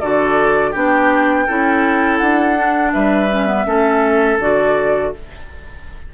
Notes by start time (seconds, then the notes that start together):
0.00 D3 F#4 A4 D5
0.71 B3 D4 G4 G5
1.47 C#4 E4 A4
2.18 D4 F#5
2.57 D4
2.93 G3 B4 E5
3.30 C#4
3.47 B3
3.66 A3 C#4 A4
4.39 D3 F#4 D5